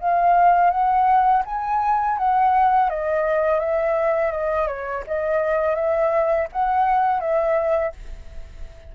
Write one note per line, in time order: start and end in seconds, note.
0.00 0.70 F5
0.70 1.43 F#5
1.45 2.17 G#5
2.17 2.89 F#5
2.89 3.59 D#5
3.59 4.31 E5
4.31 4.67 D#5
4.67 5.03 C#5
5.07 5.75 D#5
5.75 6.47 E5
6.53 7.20 F#5
7.20 7.92 E5